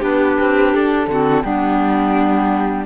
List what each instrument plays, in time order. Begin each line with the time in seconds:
0.00 cello B3, clarinet D4, violin G4, flute B4
0.41 cello C4
0.74 cello D4, flute A4
1.07 cello D3, clarinet C4, violin F#4
1.43 cello G3, clarinet B3, violin D4, flute G4